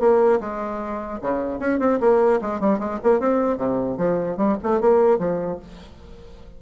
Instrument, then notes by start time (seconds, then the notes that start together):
bassoon
0.00 A#3
0.41 G#3
1.22 C#3
1.60 C#4
1.80 C4
2.01 A#3
2.42 G#3
2.61 G3
2.79 G#3
3.04 A#3
3.20 C4
3.58 C3
3.98 F3
4.37 G3
4.63 A3
4.81 A#3
5.19 F3